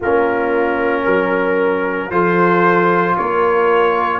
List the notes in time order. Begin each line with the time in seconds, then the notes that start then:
0.00 A#3 C#4 F4 A#4
1.04 F#3 A#4
2.10 F3 F4 A4 C5
3.17 A#3 A#4 C#5